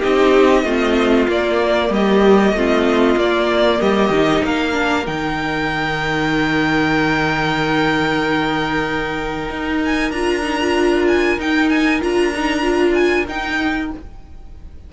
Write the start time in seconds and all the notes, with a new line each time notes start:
0.00 C4 D#4 G4 D#5
0.63 A3 C4 F4
1.28 A#3 D5
1.90 G3 G4 D#5
2.53 A3 C4 F4
3.17 A#3 D5
3.81 G3 G4 D#5
4.10 D#3 D#4
4.45 A#3 A#4 F5
4.73 D4
5.07 D#3 D#4 G5
9.50 D#4
9.85 G#5
10.11 D4 F4 A#5
10.43 D#4
10.62 F4
11.08 G#5
11.38 D#4 G5
11.69 G#5
12.01 D4 F4 A#5
12.35 D#4
12.62 F4
12.94 G#5
13.27 D#4 G5